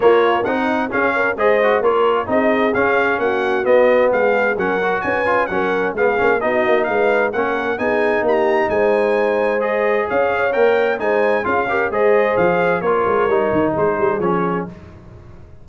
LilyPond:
<<
  \new Staff \with { instrumentName = "trumpet" } { \time 4/4 \tempo 4 = 131 cis''4 fis''4 f''4 dis''4 | cis''4 dis''4 f''4 fis''4 | dis''4 f''4 fis''4 gis''4 | fis''4 f''4 dis''4 f''4 |
fis''4 gis''4 ais''4 gis''4~ | gis''4 dis''4 f''4 g''4 | gis''4 f''4 dis''4 f''4 | cis''2 c''4 cis''4 | }
  \new Staff \with { instrumentName = "horn" } { \time 4/4 f'4 dis'4 gis'8 ais'8 c''4 | ais'4 gis'2 fis'4~ | fis'4 gis'4 ais'4 b'4 | ais'4 gis'4 fis'4 b'4 |
ais'4 gis'4 g'4 c''4~ | c''2 cis''2 | c''4 gis'8 ais'8 c''2 | ais'2 gis'2 | }
  \new Staff \with { instrumentName = "trombone" } { \time 4/4 ais4 dis'4 cis'4 gis'8 fis'8 | f'4 dis'4 cis'2 | b2 cis'8 fis'4 f'8 | cis'4 b8 cis'8 dis'2 |
cis'4 dis'2.~ | dis'4 gis'2 ais'4 | dis'4 f'8 g'8 gis'2 | f'4 dis'2 cis'4 | }
  \new Staff \with { instrumentName = "tuba" } { \time 4/4 ais4 c'4 cis'4 gis4 | ais4 c'4 cis'4 ais4 | b4 gis4 fis4 cis'4 | fis4 gis8 ais8 b8 ais8 gis4 |
ais4 b4 ais4 gis4~ | gis2 cis'4 ais4 | gis4 cis'4 gis4 f4 | ais8 gis8 g8 dis8 gis8 g8 f4 | }
>>